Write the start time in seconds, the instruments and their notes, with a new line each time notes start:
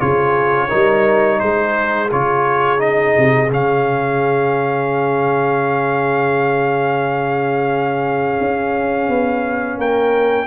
0.00 tuba C#3, trombone F4, horn G#4, trumpet C#5
0.69 tuba G3, trombone D#4, horn A#4
1.40 tuba G#3, horn G#4, trumpet C5
2.12 tuba C#3, trombone F4, trumpet C#5
2.78 trombone D#4, trumpet D#5
3.18 tuba C3
3.51 tuba C#3, trombone C#4, trumpet F5
8.41 tuba C#4
9.09 tuba B3
9.78 tuba A#3, horn A#4, trumpet G5